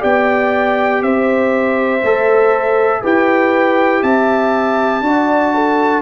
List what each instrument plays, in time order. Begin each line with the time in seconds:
0.00 tuba B3, trombone G4, horn D5, trumpet G5
1.03 tuba C4, horn C5, trumpet E5
2.03 tuba A3, trombone A4
3.02 tuba E4, trombone G4, horn B4, trumpet G5
4.03 tuba C4, horn E5, trumpet A5
5.02 tuba D4, trombone F#4, horn D5
5.55 horn A4